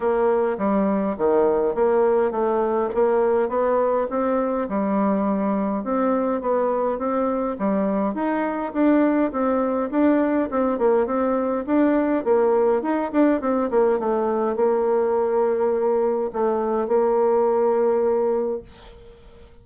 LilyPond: \new Staff \with { instrumentName = "bassoon" } { \time 4/4 \tempo 4 = 103 ais4 g4 dis4 ais4 | a4 ais4 b4 c'4 | g2 c'4 b4 | c'4 g4 dis'4 d'4 |
c'4 d'4 c'8 ais8 c'4 | d'4 ais4 dis'8 d'8 c'8 ais8 | a4 ais2. | a4 ais2. | }